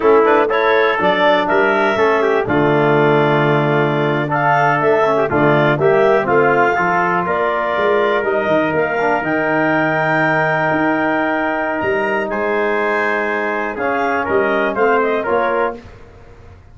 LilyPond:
<<
  \new Staff \with { instrumentName = "clarinet" } { \time 4/4 \tempo 4 = 122 a'8 b'8 cis''4 d''4 e''4~ | e''4 d''2.~ | d''8. f''4 e''4 d''4 e''16~ | e''8. f''2 d''4~ d''16~ |
d''8. dis''4 f''4 g''4~ g''16~ | g''1 | ais''4 gis''2. | f''4 dis''4 f''8 dis''8 cis''4 | }
  \new Staff \with { instrumentName = "trumpet" } { \time 4/4 e'4 a'2 ais'4 | a'8 g'8 f'2.~ | f'8. a'4.~ a'16 g'16 f'4 g'16~ | g'8. f'4 a'4 ais'4~ ais'16~ |
ais'1~ | ais'1~ | ais'4 c''2. | gis'4 ais'4 c''4 ais'4 | }
  \new Staff \with { instrumentName = "trombone" } { \time 4/4 cis'8 d'8 e'4 d'2 | cis'4 a2.~ | a8. d'4. cis'8 a4 ais16~ | ais8. c'4 f'2~ f'16~ |
f'8. dis'4. d'8 dis'4~ dis'16~ | dis'1~ | dis'1 | cis'2 c'4 f'4 | }
  \new Staff \with { instrumentName = "tuba" } { \time 4/4 a2 fis4 g4 | a4 d2.~ | d4.~ d16 a4 d4 g16~ | g8. a4 f4 ais4 gis16~ |
gis8. g8 dis8 ais4 dis4~ dis16~ | dis4.~ dis16 dis'2~ dis'16 | g4 gis2. | cis'4 g4 a4 ais4 | }
>>